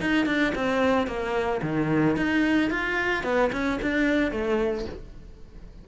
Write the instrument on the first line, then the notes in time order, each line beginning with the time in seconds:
cello
0.00 D#4
0.26 D4
0.55 C4
1.07 A#3
1.62 D#3
2.16 D#4
2.70 F4
3.23 B3
3.52 C#4
3.81 D4
4.31 A3